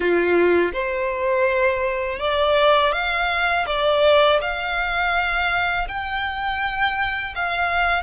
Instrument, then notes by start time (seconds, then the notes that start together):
violin
0.00 F4
0.73 C5
2.19 D5
2.92 F5
3.66 D5
4.41 F5
5.87 G5
7.35 F5